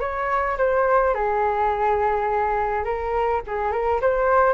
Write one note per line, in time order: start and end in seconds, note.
0.00 0.57 C#5
0.57 1.14 C5
1.14 2.84 G#4
2.84 3.42 A#4
3.47 3.71 G#4
3.71 4.00 A#4
4.01 4.54 C5